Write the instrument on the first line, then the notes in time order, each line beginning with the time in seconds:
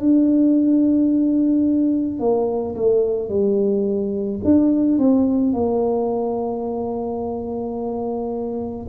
tuba
0.00 D4
2.20 A#3
2.76 A3
3.29 G3
4.45 D4
4.99 C4
5.54 A#3